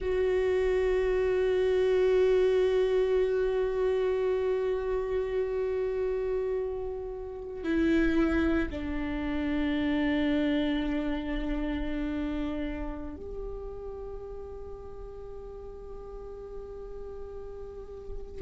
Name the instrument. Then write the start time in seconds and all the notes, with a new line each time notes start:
viola
0.00 F#4
7.63 E4
8.70 D4
13.16 G4